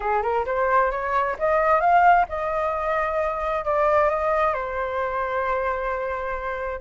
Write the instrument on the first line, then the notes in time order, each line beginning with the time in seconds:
flute
0.00 G#4
0.22 A#4
0.45 C5
0.91 C#5
1.38 D#5
1.80 F5
2.29 D#5
3.64 D5
4.09 D#5
4.53 C5